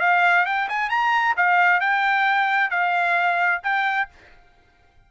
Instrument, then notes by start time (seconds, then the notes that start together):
trumpet
0.00 F5
0.46 G5
0.69 G#5
0.90 A#5
1.37 F5
1.80 G5
2.70 F5
3.63 G5